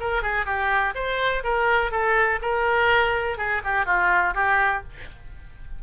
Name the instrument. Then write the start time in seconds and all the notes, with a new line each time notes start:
oboe
0.00 A#4
0.22 G#4
0.46 G4
0.95 C5
1.44 A#4
1.91 A4
2.42 A#4
3.38 G#4
3.64 G4
3.86 F4
4.35 G4